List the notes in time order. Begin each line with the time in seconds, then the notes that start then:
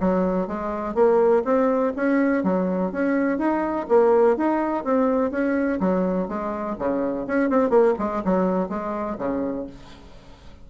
0.00 F#3
0.47 G#3
0.95 A#3
1.45 C4
1.96 C#4
2.43 F#3
2.92 C#4
3.38 D#4
3.89 A#3
4.37 D#4
4.84 C4
5.31 C#4
5.80 F#3
6.28 G#3
6.79 C#3
7.27 C#4
7.50 C4
7.70 A#3
7.99 G#3
8.25 F#3
8.69 G#3
9.18 C#3